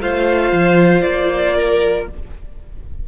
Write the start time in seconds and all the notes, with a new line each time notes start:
0.00 A3 F4 C5 F5
0.52 F3
1.02 A#3 D5
1.56 A#4